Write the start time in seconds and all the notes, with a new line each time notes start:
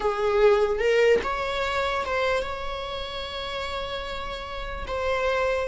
0.00 G#4
0.79 A#4
1.23 C#5
2.05 C5
2.43 C#5
4.87 C5